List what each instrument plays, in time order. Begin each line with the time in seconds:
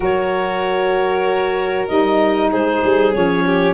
0.00 tuba F#3, saxophone F#4, violin A#4, clarinet C#5
1.88 tuba G3, saxophone D#4, clarinet D#5
2.51 tuba G#3, violin G#4, clarinet C5
2.83 tuba G3
3.13 tuba F3, saxophone C#4, clarinet C#5
3.45 violin G4